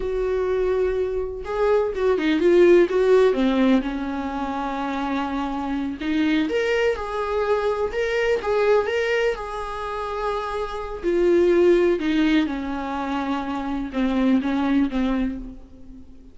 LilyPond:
\new Staff \with { instrumentName = "viola" } { \time 4/4 \tempo 4 = 125 fis'2. gis'4 | fis'8 dis'8 f'4 fis'4 c'4 | cis'1~ | cis'8 dis'4 ais'4 gis'4.~ |
gis'8 ais'4 gis'4 ais'4 gis'8~ | gis'2. f'4~ | f'4 dis'4 cis'2~ | cis'4 c'4 cis'4 c'4 | }